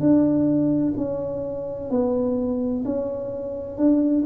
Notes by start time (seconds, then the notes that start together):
0.00 D4
0.97 C#4
1.90 B3
2.85 C#4
3.77 D4